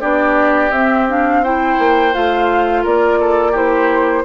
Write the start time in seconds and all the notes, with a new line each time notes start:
0.00 B3 D4 G4 D5
0.70 C4 E5
1.08 D4 F5
1.43 E4 C5 G5
1.79 A#3
2.13 A3 F4 F5
2.82 A#3 A#4 D5
3.20 A4
3.51 E4 G4 C5